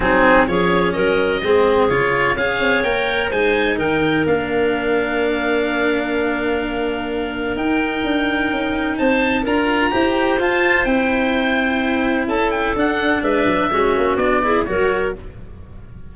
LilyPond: <<
  \new Staff \with { instrumentName = "oboe" } { \time 4/4 \tempo 4 = 127 gis'4 cis''4 dis''2 | cis''4 f''4 g''4 gis''4 | g''4 f''2.~ | f''1 |
g''2. a''4 | ais''2 a''4 g''4~ | g''2 a''8 g''8 fis''4 | e''2 d''4 cis''4 | }
  \new Staff \with { instrumentName = "clarinet" } { \time 4/4 dis'4 gis'4 ais'4 gis'4~ | gis'4 cis''2 c''4 | ais'1~ | ais'1~ |
ais'2. c''4 | ais'4 c''2.~ | c''2 a'2 | b'4 fis'4. gis'8 ais'4 | }
  \new Staff \with { instrumentName = "cello" } { \time 4/4 c'4 cis'2 c'4 | f'4 gis'4 ais'4 dis'4~ | dis'4 d'2.~ | d'1 |
dis'1 | f'4 g'4 f'4 e'4~ | e'2. d'4~ | d'4 cis'4 d'8 e'8 fis'4 | }
  \new Staff \with { instrumentName = "tuba" } { \time 4/4 fis4 f4 fis4 gis4 | cis4 cis'8 c'8 ais4 gis4 | dis4 ais2.~ | ais1 |
dis'4 d'4 cis'4 c'4 | d'4 e'4 f'4 c'4~ | c'2 cis'4 d'4 | gis8 fis8 gis8 ais8 b4 fis4 | }
>>